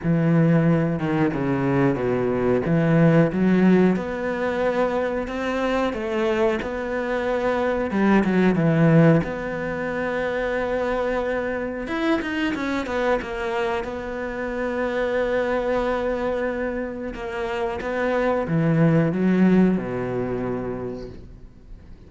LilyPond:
\new Staff \with { instrumentName = "cello" } { \time 4/4 \tempo 4 = 91 e4. dis8 cis4 b,4 | e4 fis4 b2 | c'4 a4 b2 | g8 fis8 e4 b2~ |
b2 e'8 dis'8 cis'8 b8 | ais4 b2.~ | b2 ais4 b4 | e4 fis4 b,2 | }